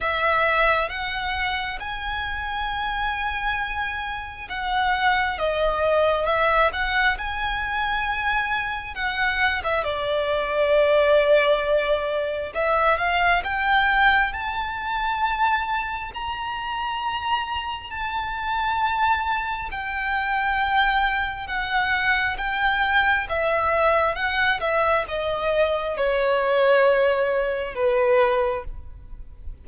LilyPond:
\new Staff \with { instrumentName = "violin" } { \time 4/4 \tempo 4 = 67 e''4 fis''4 gis''2~ | gis''4 fis''4 dis''4 e''8 fis''8 | gis''2 fis''8. e''16 d''4~ | d''2 e''8 f''8 g''4 |
a''2 ais''2 | a''2 g''2 | fis''4 g''4 e''4 fis''8 e''8 | dis''4 cis''2 b'4 | }